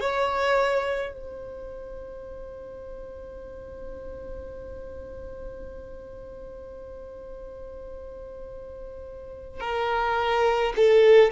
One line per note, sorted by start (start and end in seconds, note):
0.00 1.13 C#5
1.13 9.60 C5
9.60 10.73 A#4
10.76 11.32 A4